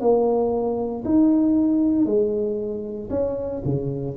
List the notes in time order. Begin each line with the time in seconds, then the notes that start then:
0.00 A#3
1.04 D#4
2.05 G#3
3.10 C#4
3.64 C#3